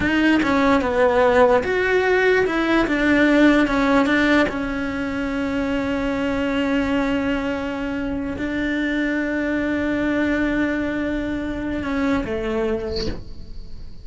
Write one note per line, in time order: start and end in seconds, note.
0.00 0.41 D#4
0.42 0.81 C#4
0.81 1.63 B3
1.63 2.45 F#4
2.46 2.86 E4
2.87 3.67 D4
3.67 4.06 C#4
4.06 4.47 D4
4.48 8.36 C#4
8.37 11.83 D4
11.83 12.24 C#4
12.24 13.06 A3